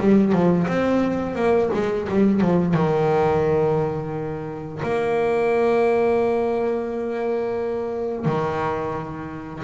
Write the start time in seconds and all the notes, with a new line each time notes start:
0.00 G3
0.33 F3
0.67 C4
1.35 A#3
1.74 G#3
2.09 G3
2.41 F3
2.74 D#3
4.83 A#3
8.25 D#3